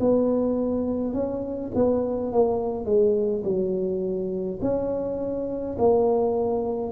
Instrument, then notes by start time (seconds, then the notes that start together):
tuba
0.00 B3
1.14 C#4
1.75 B3
2.33 A#3
2.85 G#3
3.45 F#3
4.62 C#4
5.78 A#3